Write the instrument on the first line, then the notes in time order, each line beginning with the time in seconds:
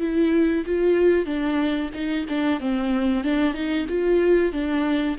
viola
0.00 E4
0.65 F4
1.26 D4
1.94 D#4
2.28 D4
2.60 C4
3.24 D4
3.53 D#4
3.89 F4
4.52 D4